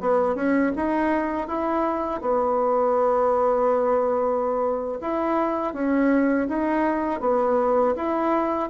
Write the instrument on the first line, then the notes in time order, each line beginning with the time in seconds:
bassoon
0.00 B3
0.35 C#4
0.76 D#4
1.47 E4
2.21 B3
5.01 E4
5.73 C#4
6.48 D#4
7.21 B3
7.96 E4